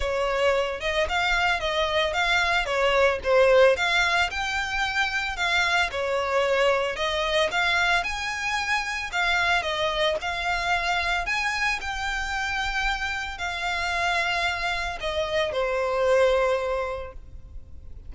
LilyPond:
\new Staff \with { instrumentName = "violin" } { \time 4/4 \tempo 4 = 112 cis''4. dis''8 f''4 dis''4 | f''4 cis''4 c''4 f''4 | g''2 f''4 cis''4~ | cis''4 dis''4 f''4 gis''4~ |
gis''4 f''4 dis''4 f''4~ | f''4 gis''4 g''2~ | g''4 f''2. | dis''4 c''2. | }